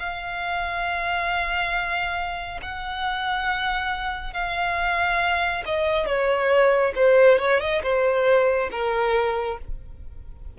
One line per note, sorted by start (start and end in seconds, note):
0.00 2.61 F5
2.63 4.34 F#5
4.34 5.64 F5
5.66 6.07 D#5
6.07 6.94 C#5
6.96 7.39 C5
7.39 7.61 C#5
7.61 7.83 D#5
7.83 8.70 C5
8.72 9.59 A#4